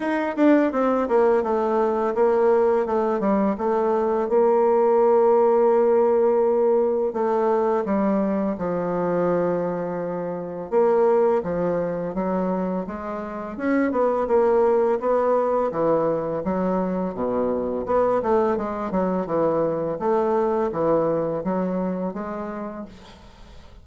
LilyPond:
\new Staff \with { instrumentName = "bassoon" } { \time 4/4 \tempo 4 = 84 dis'8 d'8 c'8 ais8 a4 ais4 | a8 g8 a4 ais2~ | ais2 a4 g4 | f2. ais4 |
f4 fis4 gis4 cis'8 b8 | ais4 b4 e4 fis4 | b,4 b8 a8 gis8 fis8 e4 | a4 e4 fis4 gis4 | }